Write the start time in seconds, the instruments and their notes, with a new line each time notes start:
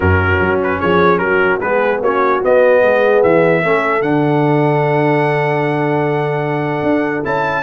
0.00 tuba F#2, trombone C#4, horn F#4, trumpet A#4
0.39 tuba F#3
0.63 trumpet B4
0.80 tuba F3, horn G#4, trumpet C#5
1.18 tuba F#3, horn F#4, trumpet A#4
1.60 tuba G#3, trombone B3, horn G#4, trumpet B4
2.00 tuba A#3, trombone C#4, horn F#4, trumpet C#5
2.42 trombone B3, tuba B3, trumpet D#5
2.82 tuba G#3, horn G#4
3.22 tuba E3, trumpet E5
3.63 tuba A3, trombone C#4, horn A4
4.01 tuba D3, trombone D4, trumpet F#5
6.82 tuba D4
7.23 tuba C#4, trombone E4, trumpet A5